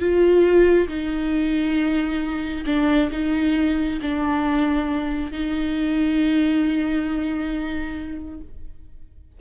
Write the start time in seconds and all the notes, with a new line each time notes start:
0.00 F4
0.89 D#4
2.67 D4
3.12 D#4
4.02 D4
5.32 D#4